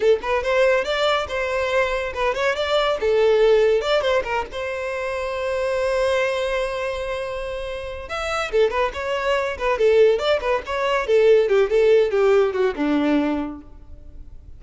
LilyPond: \new Staff \with { instrumentName = "violin" } { \time 4/4 \tempo 4 = 141 a'8 b'8 c''4 d''4 c''4~ | c''4 b'8 cis''8 d''4 a'4~ | a'4 d''8 c''8 ais'8 c''4.~ | c''1~ |
c''2. e''4 | a'8 b'8 cis''4. b'8 a'4 | d''8 b'8 cis''4 a'4 g'8 a'8~ | a'8 g'4 fis'8 d'2 | }